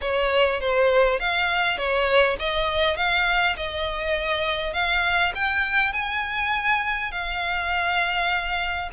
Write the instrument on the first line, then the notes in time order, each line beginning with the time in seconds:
violin
0.01 C#5
0.60 C5
1.19 F5
1.77 C#5
2.39 D#5
2.96 F5
3.56 D#5
4.73 F5
5.34 G5
5.92 G#5
7.11 F5